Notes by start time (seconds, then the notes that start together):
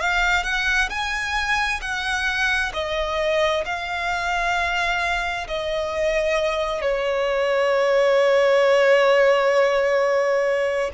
0.00 F5
0.44 F#5
0.90 G#5
1.81 F#5
2.74 D#5
3.65 F5
5.48 D#5
6.82 C#5